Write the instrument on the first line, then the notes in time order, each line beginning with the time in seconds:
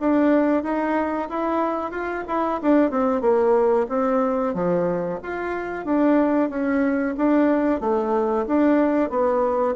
bassoon
0.00 D4
0.63 D#4
1.29 E4
1.91 F4
2.28 E4
2.62 D4
2.91 C4
3.21 A#3
3.89 C4
4.54 F3
5.23 F4
5.85 D4
6.50 C#4
7.17 D4
7.80 A3
8.47 D4
9.10 B3